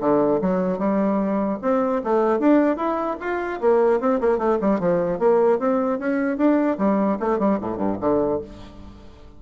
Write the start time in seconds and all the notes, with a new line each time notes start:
0.00 D3
0.41 F#3
0.78 G3
1.61 C4
2.03 A3
2.39 D4
2.76 E4
3.20 F4
3.60 A#3
4.00 C4
4.20 A#3
4.38 A3
4.61 G3
4.80 F3
5.19 A#3
5.59 C4
5.99 C#4
6.37 D4
6.78 G3
7.20 A3
7.39 G3
7.60 A2
7.77 G2
8.00 D3